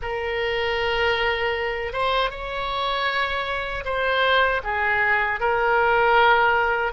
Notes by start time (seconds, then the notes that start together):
0.02 A#4
1.92 C5
2.30 C#5
3.85 C5
4.63 G#4
5.40 A#4